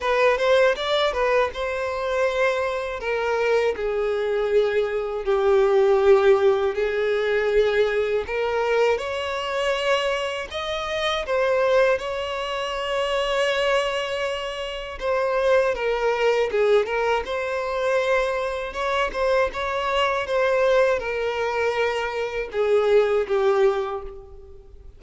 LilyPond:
\new Staff \with { instrumentName = "violin" } { \time 4/4 \tempo 4 = 80 b'8 c''8 d''8 b'8 c''2 | ais'4 gis'2 g'4~ | g'4 gis'2 ais'4 | cis''2 dis''4 c''4 |
cis''1 | c''4 ais'4 gis'8 ais'8 c''4~ | c''4 cis''8 c''8 cis''4 c''4 | ais'2 gis'4 g'4 | }